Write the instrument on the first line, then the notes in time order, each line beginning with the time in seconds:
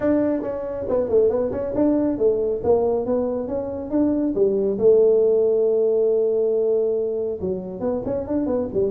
tuba
0.00 D4
0.42 C#4
0.88 B3
1.08 A3
1.29 B3
1.51 C#4
1.75 D4
2.18 A3
2.63 A#3
3.05 B3
3.47 C#4
3.90 D4
4.34 G3
4.78 A3
7.41 F#3
7.80 B3
8.05 C#4
8.27 D4
8.46 B3
8.73 G3